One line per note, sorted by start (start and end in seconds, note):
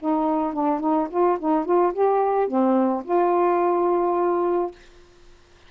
0.00 0.54 D#4
0.54 0.81 D4
0.81 1.08 D#4
1.11 1.39 F4
1.40 1.66 D#4
1.66 1.93 F4
1.94 2.48 G4
2.48 3.04 C4
3.05 4.72 F4